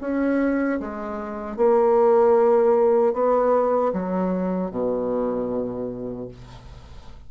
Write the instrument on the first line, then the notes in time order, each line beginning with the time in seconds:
bassoon
0.00 C#4
0.80 G#3
1.56 A#3
3.13 B3
3.93 F#3
4.70 B2